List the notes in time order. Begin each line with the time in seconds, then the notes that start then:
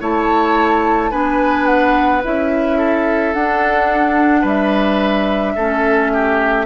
0.00 A3 E4 C#5 A5
1.11 B3 D4 B4 G#5
1.66 F#5
2.23 C#4 E4 E5
2.77 A4
3.33 D4 F#5
4.41 G3 B4
4.47 E5
5.55 A3 C#4 A4
6.13 G4